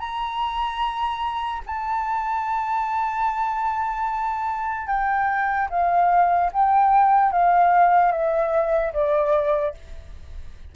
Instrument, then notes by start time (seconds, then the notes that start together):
flute
0.00 A#5
1.67 A5
4.88 G5
5.70 F5
6.53 G5
7.32 F5
8.12 E5
8.93 D5